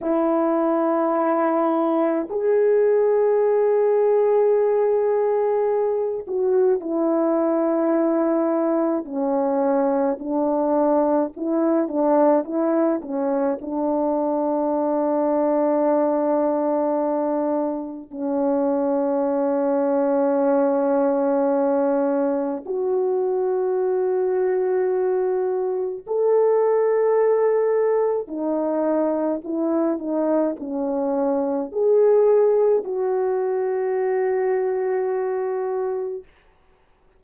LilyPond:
\new Staff \with { instrumentName = "horn" } { \time 4/4 \tempo 4 = 53 e'2 gis'2~ | gis'4. fis'8 e'2 | cis'4 d'4 e'8 d'8 e'8 cis'8 | d'1 |
cis'1 | fis'2. a'4~ | a'4 dis'4 e'8 dis'8 cis'4 | gis'4 fis'2. | }